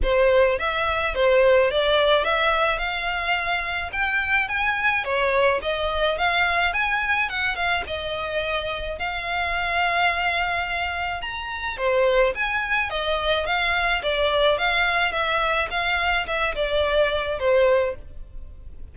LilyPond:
\new Staff \with { instrumentName = "violin" } { \time 4/4 \tempo 4 = 107 c''4 e''4 c''4 d''4 | e''4 f''2 g''4 | gis''4 cis''4 dis''4 f''4 | gis''4 fis''8 f''8 dis''2 |
f''1 | ais''4 c''4 gis''4 dis''4 | f''4 d''4 f''4 e''4 | f''4 e''8 d''4. c''4 | }